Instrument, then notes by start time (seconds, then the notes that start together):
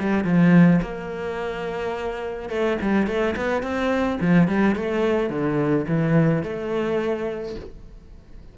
cello
0.00 G3
0.24 F3
0.82 A#3
2.49 A3
2.81 G3
3.07 A3
3.36 B3
3.63 C4
4.21 F3
4.48 G3
4.75 A3
5.30 D3
5.88 E3
6.43 A3